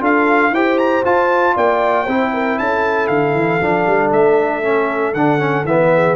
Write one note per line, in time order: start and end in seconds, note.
0.00 0.51 D4
0.00 0.51 F4
0.00 0.52 A4
0.00 0.54 F5
0.51 1.02 E4
0.51 1.04 G4
0.51 1.54 C5
0.51 0.78 G5
0.78 1.03 A#5
1.04 1.55 F4
1.04 2.07 F4
1.04 1.56 A5
1.54 2.07 A#3
1.54 2.04 D5
1.54 2.58 G5
2.04 2.58 C4
2.04 3.61 E4
2.04 2.30 C5
2.33 2.58 A#4
2.58 3.09 C#4
2.58 5.93 A4
2.58 3.07 A5
3.07 3.34 D3
3.07 4.09 F5
3.34 3.60 E3
3.61 3.86 F3
3.61 4.62 D4
3.86 4.12 G3
4.12 5.14 A3
4.12 5.14 E5
4.62 5.14 C#4
5.14 5.64 D3
5.14 5.39 D4
5.14 5.65 F#5
5.39 5.64 C#4
5.64 6.15 E3
5.64 6.15 B3
5.64 6.15 E5
5.93 6.15 G#4